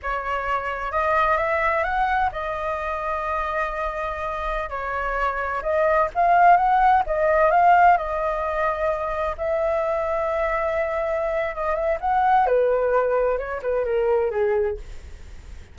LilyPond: \new Staff \with { instrumentName = "flute" } { \time 4/4 \tempo 4 = 130 cis''2 dis''4 e''4 | fis''4 dis''2.~ | dis''2~ dis''16 cis''4.~ cis''16~ | cis''16 dis''4 f''4 fis''4 dis''8.~ |
dis''16 f''4 dis''2~ dis''8.~ | dis''16 e''2.~ e''8.~ | e''4 dis''8 e''8 fis''4 b'4~ | b'4 cis''8 b'8 ais'4 gis'4 | }